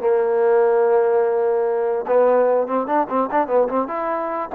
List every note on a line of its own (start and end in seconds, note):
0.00 2.05 A#3
2.07 2.67 B3
2.67 2.87 C4
2.87 3.07 D4
3.09 3.30 C4
3.31 3.47 D4
3.47 3.68 B3
3.68 3.88 C4
3.88 4.49 E4